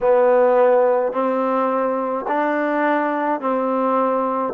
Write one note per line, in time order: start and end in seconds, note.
0.00 1.12 B3
1.12 2.25 C4
2.27 3.40 D4
3.40 4.53 C4